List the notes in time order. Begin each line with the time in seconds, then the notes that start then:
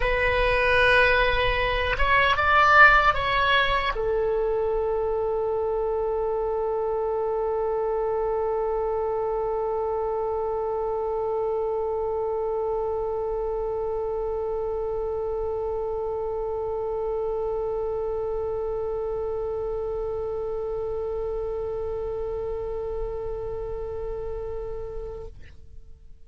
0.00 B4
1.97 C#5
2.36 D5
3.14 C#5
3.95 A4